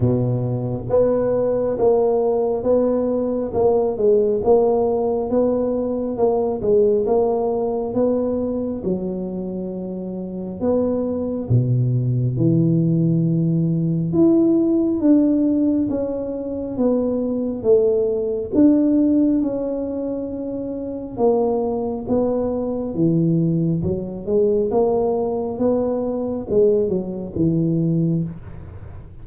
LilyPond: \new Staff \with { instrumentName = "tuba" } { \time 4/4 \tempo 4 = 68 b,4 b4 ais4 b4 | ais8 gis8 ais4 b4 ais8 gis8 | ais4 b4 fis2 | b4 b,4 e2 |
e'4 d'4 cis'4 b4 | a4 d'4 cis'2 | ais4 b4 e4 fis8 gis8 | ais4 b4 gis8 fis8 e4 | }